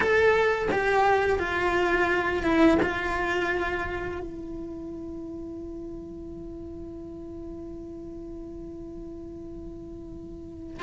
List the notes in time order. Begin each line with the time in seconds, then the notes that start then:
0.00 A4
0.71 G4
1.39 F4
2.43 E4
2.82 F4
4.20 E4